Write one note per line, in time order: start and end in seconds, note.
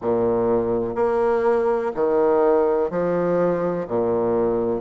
0.01 0.95 A#2
0.95 1.92 A#3
1.94 2.90 D#3
2.90 3.87 F3
3.87 4.81 A#2